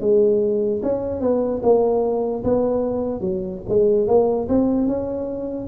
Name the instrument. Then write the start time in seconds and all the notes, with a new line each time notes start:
tuba
0.00 G#3
0.83 C#4
1.21 B3
1.62 A#3
2.44 B3
3.20 F#3
3.69 G#3
4.07 A#3
4.48 C4
4.87 C#4